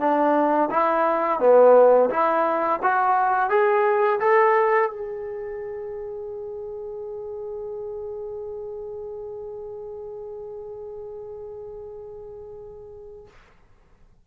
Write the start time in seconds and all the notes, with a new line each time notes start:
0.00 D4
0.71 E4
1.40 B3
2.10 E4
2.83 F#4
3.50 G#4
4.21 A4
4.90 G#4